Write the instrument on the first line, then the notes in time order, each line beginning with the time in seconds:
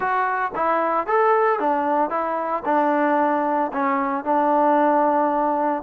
trombone
0.00 F#4
0.55 E4
1.06 A4
1.59 D4
2.09 E4
2.65 D4
3.72 C#4
4.24 D4